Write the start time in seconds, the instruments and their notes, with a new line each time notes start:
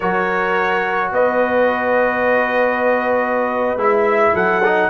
0.00 tuba F#3, trombone F#4, horn A#4, trumpet C#5
1.11 tuba B3, horn B4, trumpet D#5
3.75 tuba G#3, trombone E4, trumpet E5
4.34 tuba F#3, horn A4, trumpet F#5
4.64 trombone D#4